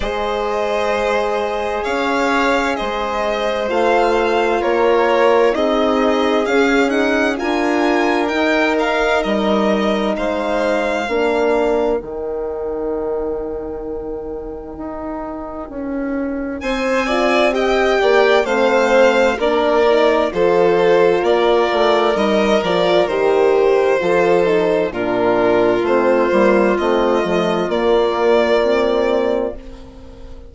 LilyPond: <<
  \new Staff \with { instrumentName = "violin" } { \time 4/4 \tempo 4 = 65 dis''2 f''4 dis''4 | f''4 cis''4 dis''4 f''8 fis''8 | gis''4 g''8 f''8 dis''4 f''4~ | f''4 g''2.~ |
g''2 gis''4 g''4 | f''4 d''4 c''4 d''4 | dis''8 d''8 c''2 ais'4 | c''4 dis''4 d''2 | }
  \new Staff \with { instrumentName = "violin" } { \time 4/4 c''2 cis''4 c''4~ | c''4 ais'4 gis'2 | ais'2. c''4 | ais'1~ |
ais'2 c''8 d''8 dis''8 d''8 | c''4 ais'4 a'4 ais'4~ | ais'2 a'4 f'4~ | f'1 | }
  \new Staff \with { instrumentName = "horn" } { \time 4/4 gis'1 | f'2 dis'4 cis'8 dis'8 | f'4 dis'2. | d'4 dis'2.~ |
dis'2~ dis'8 f'8 g'4 | c'4 d'8 dis'8 f'2 | dis'8 f'8 g'4 f'8 dis'8 d'4 | c'8 ais8 c'8 a8 ais4 c'4 | }
  \new Staff \with { instrumentName = "bassoon" } { \time 4/4 gis2 cis'4 gis4 | a4 ais4 c'4 cis'4 | d'4 dis'4 g4 gis4 | ais4 dis2. |
dis'4 cis'4 c'4. ais8 | a4 ais4 f4 ais8 a8 | g8 f8 dis4 f4 ais,4 | a8 g8 a8 f8 ais2 | }
>>